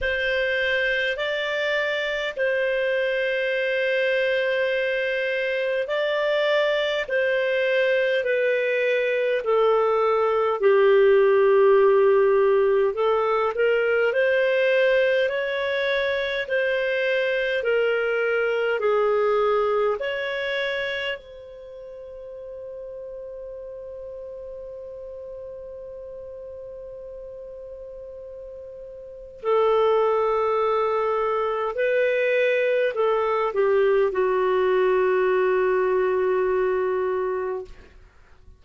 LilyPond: \new Staff \with { instrumentName = "clarinet" } { \time 4/4 \tempo 4 = 51 c''4 d''4 c''2~ | c''4 d''4 c''4 b'4 | a'4 g'2 a'8 ais'8 | c''4 cis''4 c''4 ais'4 |
gis'4 cis''4 c''2~ | c''1~ | c''4 a'2 b'4 | a'8 g'8 fis'2. | }